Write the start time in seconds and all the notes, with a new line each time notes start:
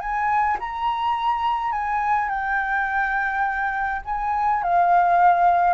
0.00 G#5
0.60 A#5
1.72 G#5
2.29 G5
4.05 G#5
4.63 F5